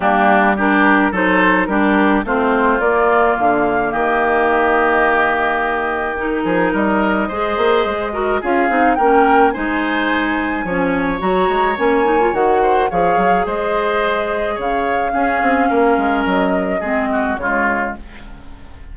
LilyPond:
<<
  \new Staff \with { instrumentName = "flute" } { \time 4/4 \tempo 4 = 107 g'4 ais'4 c''4 ais'4 | c''4 d''4 f''4 dis''4~ | dis''2. ais'4 | dis''2. f''4 |
g''4 gis''2. | ais''4 gis''4 fis''4 f''4 | dis''2 f''2~ | f''4 dis''2 cis''4 | }
  \new Staff \with { instrumentName = "oboe" } { \time 4/4 d'4 g'4 a'4 g'4 | f'2. g'4~ | g'2.~ g'8 gis'8 | ais'4 c''4. ais'8 gis'4 |
ais'4 c''2 cis''4~ | cis''2~ cis''8 c''8 cis''4 | c''2 cis''4 gis'4 | ais'2 gis'8 fis'8 f'4 | }
  \new Staff \with { instrumentName = "clarinet" } { \time 4/4 ais4 d'4 dis'4 d'4 | c'4 ais2.~ | ais2. dis'4~ | dis'4 gis'4. fis'8 f'8 dis'8 |
cis'4 dis'2 cis'4 | fis'4 cis'8 dis'16 f'16 fis'4 gis'4~ | gis'2. cis'4~ | cis'2 c'4 gis4 | }
  \new Staff \with { instrumentName = "bassoon" } { \time 4/4 g2 fis4 g4 | a4 ais4 d4 dis4~ | dis2.~ dis8 f8 | g4 gis8 ais8 gis4 cis'8 c'8 |
ais4 gis2 f4 | fis8 gis8 ais4 dis4 f8 fis8 | gis2 cis4 cis'8 c'8 | ais8 gis8 fis4 gis4 cis4 | }
>>